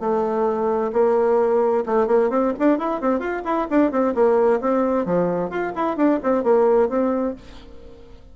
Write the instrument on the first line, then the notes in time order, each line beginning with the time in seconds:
bassoon
0.00 A3
0.93 A#3
1.86 A3
2.07 A#3
2.30 C4
2.59 D4
2.78 E4
3.01 C4
3.19 F4
3.45 E4
3.70 D4
3.91 C4
4.15 A#3
4.61 C4
5.05 F3
5.50 F4
5.75 E4
5.96 D4
6.23 C4
6.43 A#3
6.89 C4